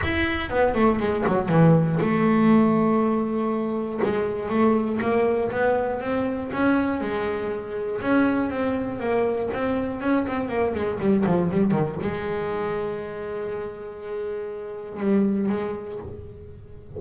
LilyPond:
\new Staff \with { instrumentName = "double bass" } { \time 4/4 \tempo 4 = 120 e'4 b8 a8 gis8 fis8 e4 | a1 | gis4 a4 ais4 b4 | c'4 cis'4 gis2 |
cis'4 c'4 ais4 c'4 | cis'8 c'8 ais8 gis8 g8 f8 g8 dis8 | gis1~ | gis2 g4 gis4 | }